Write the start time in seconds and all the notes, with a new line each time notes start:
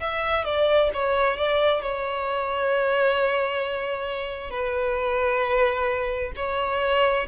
0.00 E5
0.45 D5
0.93 C#5
1.37 D5
1.82 C#5
4.50 B4
6.36 C#5